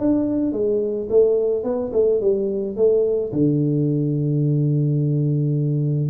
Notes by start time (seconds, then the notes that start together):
0.00 D4
0.53 G#3
1.10 A3
1.64 B3
1.93 A3
2.21 G3
2.77 A3
3.33 D3